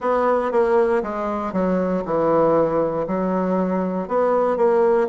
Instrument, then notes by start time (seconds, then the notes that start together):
bassoon
0.00 B3
0.51 A#3
1.03 G#3
1.53 F#3
2.05 E3
3.07 F#3
4.08 B3
4.56 A#3